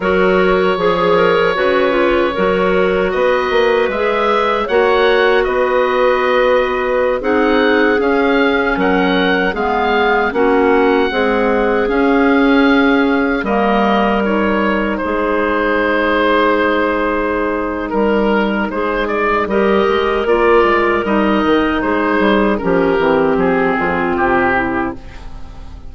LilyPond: <<
  \new Staff \with { instrumentName = "oboe" } { \time 4/4 \tempo 4 = 77 cis''1 | dis''4 e''4 fis''4 dis''4~ | dis''4~ dis''16 fis''4 f''4 fis''8.~ | fis''16 f''4 fis''2 f''8.~ |
f''4~ f''16 dis''4 cis''4 c''8.~ | c''2. ais'4 | c''8 d''8 dis''4 d''4 dis''4 | c''4 ais'4 gis'4 g'4 | }
  \new Staff \with { instrumentName = "clarinet" } { \time 4/4 ais'4 gis'8 ais'8 b'4 ais'4 | b'2 cis''4 b'4~ | b'4~ b'16 gis'2 ais'8.~ | ais'16 gis'4 fis'4 gis'4.~ gis'16~ |
gis'4~ gis'16 ais'2 gis'8.~ | gis'2. ais'4 | gis'4 ais'2. | gis'4 g'4. f'4 e'8 | }
  \new Staff \with { instrumentName = "clarinet" } { \time 4/4 fis'4 gis'4 fis'8 f'8 fis'4~ | fis'4 gis'4 fis'2~ | fis'4~ fis'16 dis'4 cis'4.~ cis'16~ | cis'16 b4 cis'4 gis4 cis'8.~ |
cis'4~ cis'16 ais4 dis'4.~ dis'16~ | dis'1~ | dis'4 g'4 f'4 dis'4~ | dis'4 cis'8 c'2~ c'8 | }
  \new Staff \with { instrumentName = "bassoon" } { \time 4/4 fis4 f4 cis4 fis4 | b8 ais8 gis4 ais4 b4~ | b4~ b16 c'4 cis'4 fis8.~ | fis16 gis4 ais4 c'4 cis'8.~ |
cis'4~ cis'16 g2 gis8.~ | gis2. g4 | gis4 g8 gis8 ais8 gis8 g8 dis8 | gis8 g8 f8 e8 f8 f,8 c4 | }
>>